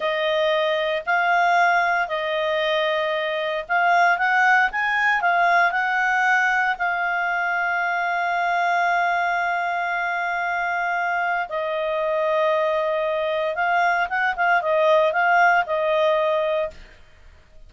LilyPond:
\new Staff \with { instrumentName = "clarinet" } { \time 4/4 \tempo 4 = 115 dis''2 f''2 | dis''2. f''4 | fis''4 gis''4 f''4 fis''4~ | fis''4 f''2.~ |
f''1~ | f''2 dis''2~ | dis''2 f''4 fis''8 f''8 | dis''4 f''4 dis''2 | }